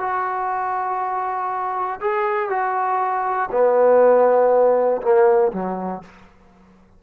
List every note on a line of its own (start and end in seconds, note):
0.00 2.00 F#4
2.01 2.50 G#4
2.50 3.50 F#4
3.52 5.02 B3
5.02 5.52 A#3
5.53 6.03 F#3